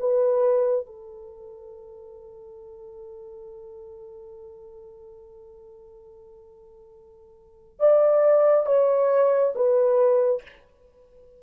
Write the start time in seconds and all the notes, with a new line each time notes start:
0.00 B4
0.87 A4
7.80 D5
8.67 C#5
9.56 B4